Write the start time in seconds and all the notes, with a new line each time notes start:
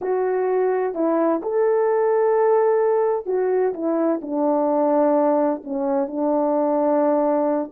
0.01 F#4
0.94 E4
1.42 A4
3.26 F#4
3.73 E4
4.21 D4
5.64 C#4
6.07 D4